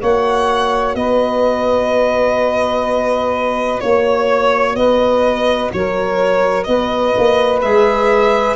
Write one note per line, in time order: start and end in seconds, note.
0.00 0.94 A#3
0.00 7.62 F#4
0.00 0.95 C#5
0.00 0.95 F#5
0.94 3.80 B3
0.94 3.83 B4
0.94 3.80 D#5
3.80 4.76 A#3
3.80 4.75 C#5
3.80 4.77 C#5
4.76 5.71 B3
4.76 5.72 B4
4.76 5.71 D#5
5.73 6.67 F#3
5.73 6.67 A#4
5.73 6.63 C#5
6.63 7.15 B3
6.63 8.55 B4
6.63 7.59 D#5
7.17 7.63 A#3
7.61 8.55 G#3
7.61 8.55 G#4
7.61 8.55 E5